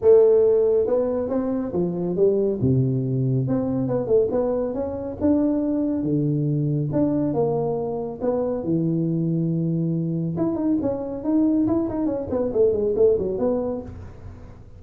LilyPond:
\new Staff \with { instrumentName = "tuba" } { \time 4/4 \tempo 4 = 139 a2 b4 c'4 | f4 g4 c2 | c'4 b8 a8 b4 cis'4 | d'2 d2 |
d'4 ais2 b4 | e1 | e'8 dis'8 cis'4 dis'4 e'8 dis'8 | cis'8 b8 a8 gis8 a8 fis8 b4 | }